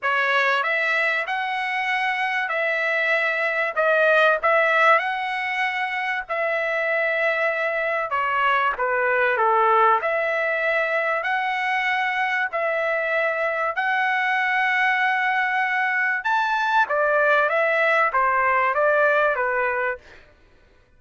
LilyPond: \new Staff \with { instrumentName = "trumpet" } { \time 4/4 \tempo 4 = 96 cis''4 e''4 fis''2 | e''2 dis''4 e''4 | fis''2 e''2~ | e''4 cis''4 b'4 a'4 |
e''2 fis''2 | e''2 fis''2~ | fis''2 a''4 d''4 | e''4 c''4 d''4 b'4 | }